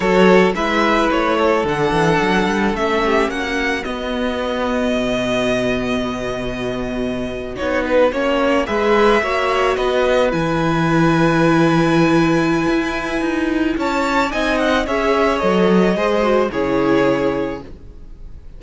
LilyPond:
<<
  \new Staff \with { instrumentName = "violin" } { \time 4/4 \tempo 4 = 109 cis''4 e''4 cis''4 fis''4~ | fis''4 e''4 fis''4 dis''4~ | dis''1~ | dis''4.~ dis''16 cis''8 b'8 cis''4 e''16~ |
e''4.~ e''16 dis''4 gis''4~ gis''16~ | gis''1~ | gis''4 a''4 gis''8 fis''8 e''4 | dis''2 cis''2 | }
  \new Staff \with { instrumentName = "violin" } { \time 4/4 a'4 b'4. a'4.~ | a'4. g'8 fis'2~ | fis'1~ | fis'2.~ fis'8. b'16~ |
b'8. cis''4 b'2~ b'16~ | b'1~ | b'4 cis''4 dis''4 cis''4~ | cis''4 c''4 gis'2 | }
  \new Staff \with { instrumentName = "viola" } { \time 4/4 fis'4 e'2 d'4~ | d'4 cis'2 b4~ | b1~ | b4.~ b16 dis'4 cis'4 gis'16~ |
gis'8. fis'2 e'4~ e'16~ | e'1~ | e'2 dis'4 gis'4 | a'4 gis'8 fis'8 e'2 | }
  \new Staff \with { instrumentName = "cello" } { \time 4/4 fis4 gis4 a4 d8 e8 | fis8 g8 a4 ais4 b4~ | b4 b,2.~ | b,4.~ b,16 b4 ais4 gis16~ |
gis8. ais4 b4 e4~ e16~ | e2. e'4 | dis'4 cis'4 c'4 cis'4 | fis4 gis4 cis2 | }
>>